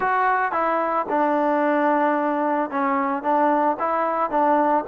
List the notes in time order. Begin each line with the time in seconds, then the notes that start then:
0.00 F#4
0.51 E4
1.09 D4
2.70 C#4
3.23 D4
3.79 E4
4.30 D4